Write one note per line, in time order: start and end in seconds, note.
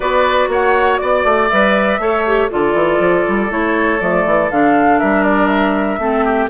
0.00 0.48 B3
0.00 1.49 F#4
0.00 0.48 B4
0.00 0.50 D5
0.48 0.98 A#3
0.48 1.01 C#5
0.48 0.97 F#5
0.97 1.24 B3
0.97 1.47 D5
0.97 2.00 D5
1.24 1.49 A3
1.48 1.98 G3
1.48 2.00 B4
1.48 2.48 E5
1.98 2.48 A3
1.98 2.25 A4
1.98 2.50 C#5
2.26 2.50 G4
2.50 2.74 D3
2.50 3.49 F4
2.50 4.99 A4
2.50 3.51 D5
2.74 2.99 E3
2.99 3.24 F3
3.28 3.50 G3
3.49 4.00 A3
3.49 3.99 E4
3.49 4.00 C#5
4.00 4.25 F3
4.00 4.50 A3
4.00 4.50 D5
4.26 4.50 E3
4.50 5.00 D3
4.50 5.99 D4
4.50 4.99 F5
4.99 5.98 G3
4.99 5.99 A#4
4.99 5.23 E5
5.23 5.47 D5
5.47 6.47 E5
5.98 6.48 A3
5.98 6.49 C4
5.98 6.25 A4
6.25 6.49 G4